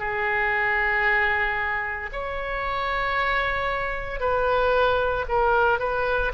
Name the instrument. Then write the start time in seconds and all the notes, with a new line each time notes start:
oboe
0.00 G#4
2.13 C#5
4.21 B4
5.29 A#4
5.80 B4